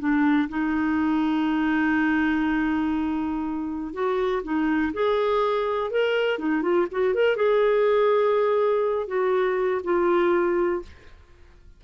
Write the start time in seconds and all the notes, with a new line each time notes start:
0.00 D4
0.49 D#4
3.94 F#4
4.44 D#4
4.94 G#4
5.91 A#4
6.39 D#4
6.63 F4
6.92 F#4
7.15 A#4
7.37 G#4
9.08 F#4
9.84 F4